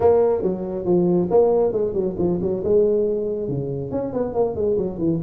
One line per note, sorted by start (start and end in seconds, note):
0.00 0.42 A#3
0.42 0.85 F#3
0.85 1.28 F3
1.30 1.72 A#3
1.72 1.93 G#3
1.93 2.15 F#3
2.18 2.40 F3
2.41 2.63 F#3
2.63 3.48 G#3
3.48 3.91 C#3
3.91 4.13 C#4
4.13 4.34 B3
4.34 4.55 A#3
4.55 4.77 G#3
4.77 4.98 F#3
4.98 5.20 E3